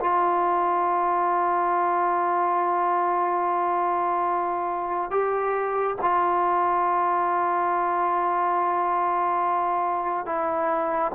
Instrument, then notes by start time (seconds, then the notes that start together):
trombone
0.00 F4
5.10 G4
6.01 F4
10.25 E4